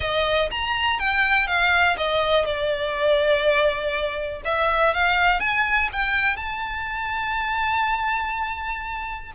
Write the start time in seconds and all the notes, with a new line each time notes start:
0.00 D#5
0.51 A#5
0.99 G5
1.47 F5
1.97 D#5
2.45 D5
4.45 E5
4.94 F5
5.40 G#5
5.92 G5
6.36 A5